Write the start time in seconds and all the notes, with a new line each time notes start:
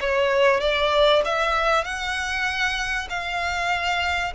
0.00 C#5
0.60 D5
1.25 E5
1.84 F#5
3.10 F5